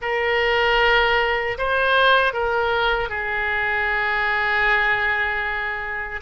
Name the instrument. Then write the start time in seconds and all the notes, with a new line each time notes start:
oboe
0.01 A#4
1.58 C5
2.33 A#4
3.09 G#4